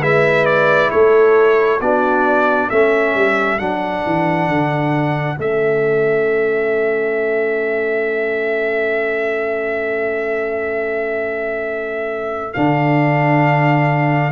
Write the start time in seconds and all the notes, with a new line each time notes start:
0.00 G#3 E4 B4 E5
0.46 D5
0.91 A3 A4 C#5
1.80 B3 D4 F#4 D5
2.70 A3 C#4 A4 E5
3.15 G3
3.59 F#3 D4 F#5
4.06 E3
4.48 D3
5.36 A3 C#4 E5
12.54 D3 D4 F5